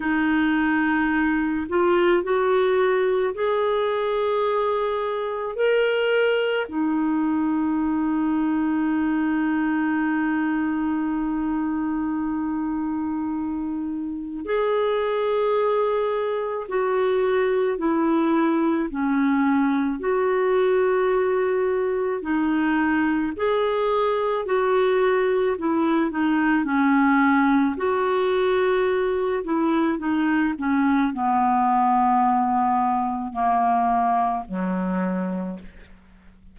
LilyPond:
\new Staff \with { instrumentName = "clarinet" } { \time 4/4 \tempo 4 = 54 dis'4. f'8 fis'4 gis'4~ | gis'4 ais'4 dis'2~ | dis'1~ | dis'4 gis'2 fis'4 |
e'4 cis'4 fis'2 | dis'4 gis'4 fis'4 e'8 dis'8 | cis'4 fis'4. e'8 dis'8 cis'8 | b2 ais4 fis4 | }